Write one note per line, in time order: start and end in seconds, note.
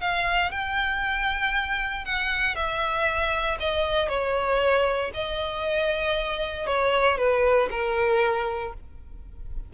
0.00 0.51 F5
0.51 2.05 G5
2.05 2.55 F#5
2.55 3.58 E5
3.59 4.08 D#5
4.08 5.11 C#5
5.14 6.66 D#5
6.66 7.17 C#5
7.17 7.69 B4
7.70 8.73 A#4